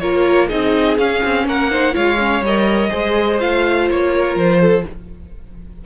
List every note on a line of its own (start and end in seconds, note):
0.00 0.51 A#3
0.00 0.50 F4
0.00 0.48 A#4
0.00 0.48 C#5
0.48 0.98 C4
0.48 0.98 D#4
0.48 1.45 G#4
0.48 0.98 D#5
0.98 1.23 C#4
0.98 1.71 C#4
0.98 1.47 F5
1.24 1.47 C4
1.47 1.95 A#3
1.47 1.72 A#4
1.47 1.95 F#5
1.71 1.93 D#4
1.71 1.95 C5
1.93 2.41 G#3
1.93 2.17 F4
1.93 2.90 C#5
1.93 2.44 F5
2.19 2.43 C#4
2.41 2.90 G3
2.41 2.91 A#4
2.41 3.41 D#5
2.90 3.42 G#3
2.90 3.39 G#4
2.90 4.11 C5
3.40 3.91 A3
3.40 4.85 F4
3.40 3.89 F5
3.91 4.36 A#3
3.91 4.37 C#5
4.15 4.61 A#4
4.36 4.84 F3
4.36 4.86 C5
4.61 4.85 A4